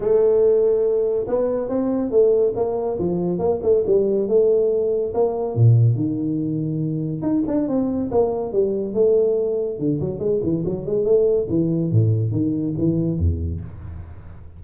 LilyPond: \new Staff \with { instrumentName = "tuba" } { \time 4/4 \tempo 4 = 141 a2. b4 | c'4 a4 ais4 f4 | ais8 a8 g4 a2 | ais4 ais,4 dis2~ |
dis4 dis'8 d'8 c'4 ais4 | g4 a2 d8 fis8 | gis8 e8 fis8 gis8 a4 e4 | a,4 dis4 e4 e,4 | }